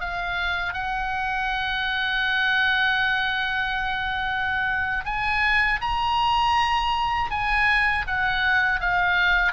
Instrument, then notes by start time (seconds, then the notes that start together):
oboe
0.00 F5
0.73 F#5
5.05 G#5
5.81 A#5
7.31 G#5
8.07 F#5
8.80 F5